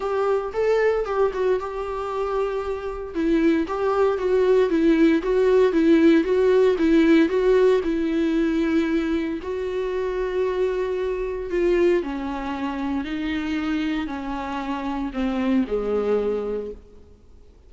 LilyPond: \new Staff \with { instrumentName = "viola" } { \time 4/4 \tempo 4 = 115 g'4 a'4 g'8 fis'8 g'4~ | g'2 e'4 g'4 | fis'4 e'4 fis'4 e'4 | fis'4 e'4 fis'4 e'4~ |
e'2 fis'2~ | fis'2 f'4 cis'4~ | cis'4 dis'2 cis'4~ | cis'4 c'4 gis2 | }